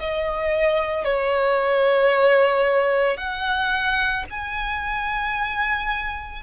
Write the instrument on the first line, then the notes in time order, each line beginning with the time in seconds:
violin
0.00 D#5
1.05 C#5
3.18 F#5
4.30 G#5